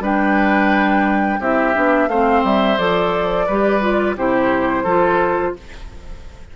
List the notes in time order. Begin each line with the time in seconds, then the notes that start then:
0.00 G3 D4 B4 G5
1.40 C4 E4 G4 E5
1.74 B3 D4
2.07 A3 C4 C5 F5
2.43 G3 E5
2.77 F3 A4 D5
3.46 G3 G4 B4
3.81 F4
4.16 C3 E4 G4 C5
4.83 F3 F4 A4